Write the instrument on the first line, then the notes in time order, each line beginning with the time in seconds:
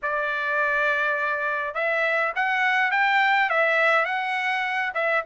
trumpet
0.02 D5
1.74 E5
2.35 F#5
2.91 G5
3.49 E5
4.05 F#5
4.94 E5